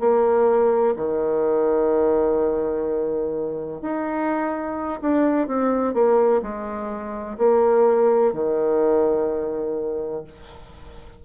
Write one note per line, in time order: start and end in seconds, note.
0.00 0.95 A#3
0.97 3.82 D#3
3.82 5.01 D#4
5.02 5.48 D4
5.48 5.94 C4
5.94 6.42 A#3
6.42 7.38 G#3
7.38 8.33 A#3
8.33 10.24 D#3